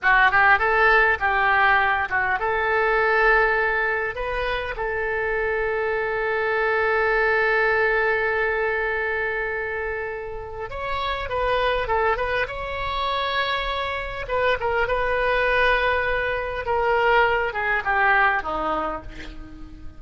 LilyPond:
\new Staff \with { instrumentName = "oboe" } { \time 4/4 \tempo 4 = 101 fis'8 g'8 a'4 g'4. fis'8 | a'2. b'4 | a'1~ | a'1~ |
a'2 cis''4 b'4 | a'8 b'8 cis''2. | b'8 ais'8 b'2. | ais'4. gis'8 g'4 dis'4 | }